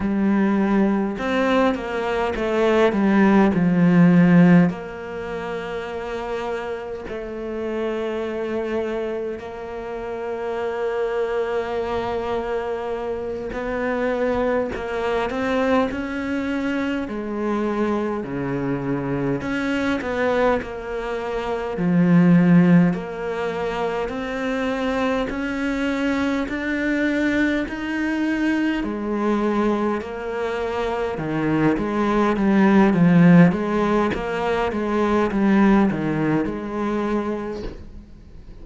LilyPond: \new Staff \with { instrumentName = "cello" } { \time 4/4 \tempo 4 = 51 g4 c'8 ais8 a8 g8 f4 | ais2 a2 | ais2.~ ais8 b8~ | b8 ais8 c'8 cis'4 gis4 cis8~ |
cis8 cis'8 b8 ais4 f4 ais8~ | ais8 c'4 cis'4 d'4 dis'8~ | dis'8 gis4 ais4 dis8 gis8 g8 | f8 gis8 ais8 gis8 g8 dis8 gis4 | }